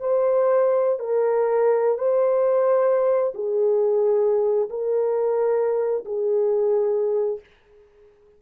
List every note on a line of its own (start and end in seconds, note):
0.00 0.99 C5
0.99 1.98 A#4
1.98 3.33 C5
3.35 4.69 G#4
4.69 6.04 A#4
6.05 7.40 G#4